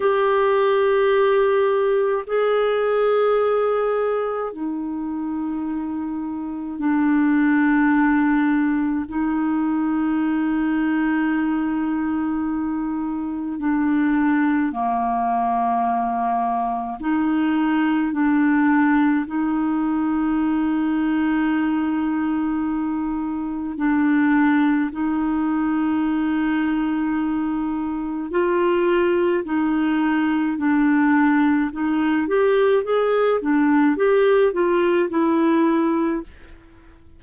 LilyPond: \new Staff \with { instrumentName = "clarinet" } { \time 4/4 \tempo 4 = 53 g'2 gis'2 | dis'2 d'2 | dis'1 | d'4 ais2 dis'4 |
d'4 dis'2.~ | dis'4 d'4 dis'2~ | dis'4 f'4 dis'4 d'4 | dis'8 g'8 gis'8 d'8 g'8 f'8 e'4 | }